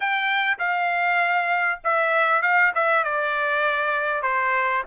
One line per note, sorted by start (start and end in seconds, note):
0.00 0.57 G5
0.58 1.80 F5
1.83 2.42 E5
2.42 2.72 F5
2.74 3.04 E5
3.04 4.22 D5
4.22 4.83 C5